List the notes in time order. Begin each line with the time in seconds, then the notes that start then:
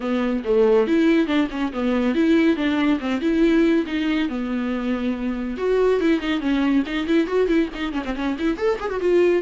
0.00 B3
0.44 A3
0.87 E4
1.26 D4
1.50 C#4
1.72 B3
2.14 E4
2.56 D4
3.00 C4
3.21 E4
3.86 D#4
4.28 B3
5.57 F#4
6.00 E4
6.20 D#4
6.40 C#4
6.86 D#4
7.06 E4
7.27 F#4
7.47 E4
7.74 D#4
7.92 C#4
8.04 C4
8.15 C#4
8.38 E4
8.57 A4
8.80 G#4
8.90 F#4
8.99 F4